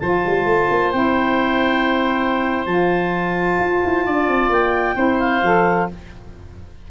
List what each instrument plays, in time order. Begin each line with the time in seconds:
0.00 tuba F3, saxophone F4, oboe C5, clarinet A5
0.27 tuba G3
0.46 tuba A3
0.70 tuba A#3
0.92 tuba C4, saxophone E4, clarinet G5
2.66 tuba F3, saxophone F4, clarinet A5
3.59 tuba F4
3.85 tuba E4
4.06 tuba D4, oboe D5
4.28 tuba C4
4.50 tuba A#3, clarinet G5
4.96 tuba C4, saxophone E4, oboe C5
5.20 clarinet F5
5.43 tuba F3, saxophone A4